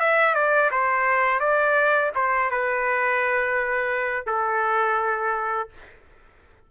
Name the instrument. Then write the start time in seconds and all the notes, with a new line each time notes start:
trumpet
0.00 E5
0.35 D5
0.71 C5
1.40 D5
2.15 C5
2.51 B4
4.26 A4